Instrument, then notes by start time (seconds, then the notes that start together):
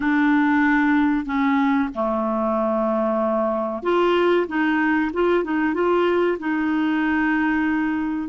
clarinet
0.00 D4
1.25 C#4
1.95 A3
3.82 F4
4.47 D#4
5.13 F4
5.44 D#4
5.74 F4
6.39 D#4